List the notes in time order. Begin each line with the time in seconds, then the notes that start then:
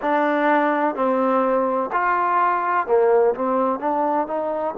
0.01 D4
0.95 C4
1.92 F4
2.86 A#3
3.34 C4
3.79 D4
4.27 D#4